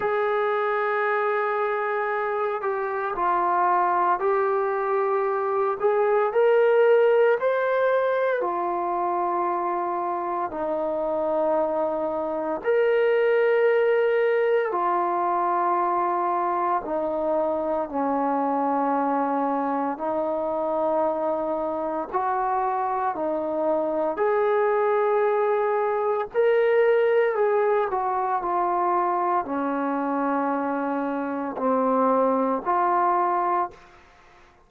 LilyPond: \new Staff \with { instrumentName = "trombone" } { \time 4/4 \tempo 4 = 57 gis'2~ gis'8 g'8 f'4 | g'4. gis'8 ais'4 c''4 | f'2 dis'2 | ais'2 f'2 |
dis'4 cis'2 dis'4~ | dis'4 fis'4 dis'4 gis'4~ | gis'4 ais'4 gis'8 fis'8 f'4 | cis'2 c'4 f'4 | }